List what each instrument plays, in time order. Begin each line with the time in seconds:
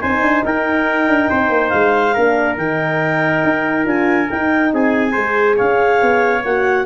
0.00 tuba C4, horn D#4, trumpet C5, clarinet G#5
0.21 tuba D4
0.45 tuba D#4, trumpet A#4, clarinet G5
1.08 tuba D4
1.30 tuba C4, trumpet C5
1.49 tuba A#3
1.69 tuba G#3, clarinet F5
2.14 tuba A#3, horn D4, trumpet A#4
2.57 tuba D#3, horn D#4, clarinet G5
3.44 tuba D#4
3.84 tuba D4, horn F4, clarinet G#5
4.30 horn D#4, tuba D#4, clarinet G5
4.73 tuba C4, trumpet G#4, clarinet G#5
5.11 tuba G#3, horn G#4, trumpet C5
5.56 tuba C#4, trumpet C#5, clarinet F5
6.01 tuba B3
6.44 tuba A#3, horn F#4, clarinet F#5